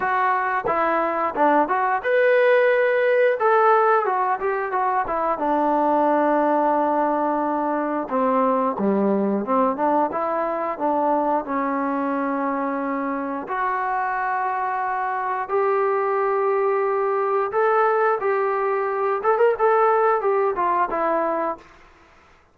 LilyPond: \new Staff \with { instrumentName = "trombone" } { \time 4/4 \tempo 4 = 89 fis'4 e'4 d'8 fis'8 b'4~ | b'4 a'4 fis'8 g'8 fis'8 e'8 | d'1 | c'4 g4 c'8 d'8 e'4 |
d'4 cis'2. | fis'2. g'4~ | g'2 a'4 g'4~ | g'8 a'16 ais'16 a'4 g'8 f'8 e'4 | }